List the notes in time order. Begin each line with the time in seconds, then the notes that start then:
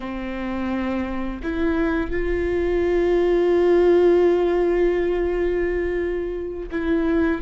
0.00 C4
1.42 E4
2.10 F4
6.71 E4